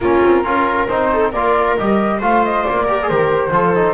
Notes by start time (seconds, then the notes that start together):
0.00 A#3 C#4 F4 A#4
0.24 C4
0.43 C#4 F4 A#4
0.87 C4 D#4 C5
1.12 A4
1.31 A#3 F4 A#4 D5
1.76 G3 G4 D#5
2.18 A3 F4 C5 F5
2.45 D#5
2.64 A#3 D5
2.83 G4 A#4
3.02 G#4
3.08 D#3 G4 C5
3.50 F3 F4 A4
3.74 D#4